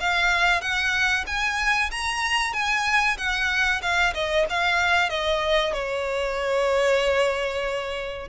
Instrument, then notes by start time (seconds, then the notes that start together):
violin
0.00 F5
0.61 F#5
1.26 G#5
1.91 A#5
2.53 G#5
3.17 F#5
3.82 F5
4.14 D#5
4.50 F5
5.10 D#5
5.73 C#5